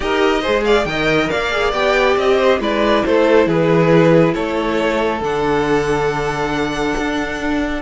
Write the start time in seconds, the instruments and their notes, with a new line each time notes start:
0.00 cello D#4, viola G4, violin A#4 D#5
0.41 cello G#3, viola G#4, violin C5
0.64 violin D5 F5
0.85 cello D#3, viola A#4, violin D#5 G5
1.29 cello A#3, violin D5 F5
1.51 viola G#4
1.73 cello B3, viola G4, violin G5
2.17 cello C4, violin D#5
2.37 violin C5
2.59 cello G#3, viola E4, violin B4 D5
3.05 cello A3, violin A4 C5
3.46 cello E3, violin G#4 B4
4.34 cello A3, violin A4 C#5
5.20 cello D3, viola D4, violin F#5
6.98 cello D4